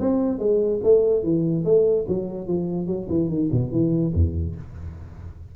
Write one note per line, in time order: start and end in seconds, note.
0.00 0.39 C4
0.39 0.80 G#3
0.83 1.23 A3
1.23 1.64 E3
1.64 2.06 A3
2.08 2.47 F#3
2.47 2.87 F3
2.87 3.08 F#3
3.09 3.29 E3
3.29 3.50 D#3
3.52 3.71 B2
3.71 4.13 E3
4.14 4.55 E2